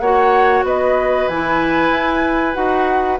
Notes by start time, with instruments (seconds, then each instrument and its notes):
0.00 bassoon A#3, clarinet F#4, oboe C#5, flute F#5
0.64 bassoon B3, oboe B4, flute D#5
1.29 bassoon E3, clarinet E4, flute G#5
1.91 bassoon E4
2.54 bassoon D#4, clarinet F#4, flute F#5